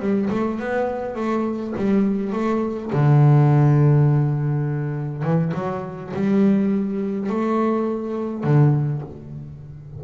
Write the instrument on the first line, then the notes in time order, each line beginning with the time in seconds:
double bass
0.00 G3
0.30 A3
0.59 B3
1.15 A3
1.77 G3
2.32 A3
2.93 D3
5.23 E3
5.54 F#3
6.14 G3
7.29 A3
8.44 D3